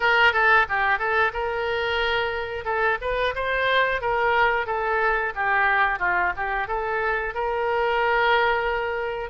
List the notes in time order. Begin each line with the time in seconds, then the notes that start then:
0.00 A#4
0.32 A4
0.68 G4
0.98 A4
1.33 A#4
2.64 A4
3.01 B4
3.35 C5
4.01 A#4
4.66 A4
5.35 G4
5.99 F4
6.36 G4
6.67 A4
7.34 A#4